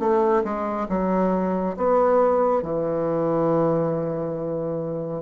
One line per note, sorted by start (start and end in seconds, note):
0.00 0.43 A3
0.44 0.88 G#3
0.89 1.76 F#3
1.77 2.63 B3
2.63 5.23 E3